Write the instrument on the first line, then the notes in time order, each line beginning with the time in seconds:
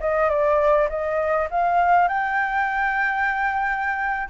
flute
0.00 D#5
0.29 D5
0.89 D#5
1.50 F5
2.08 G5